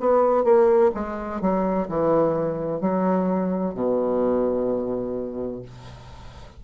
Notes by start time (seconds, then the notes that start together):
0.00 B3
0.44 A#3
0.95 G#3
1.41 F#3
1.88 E3
2.81 F#3
3.75 B2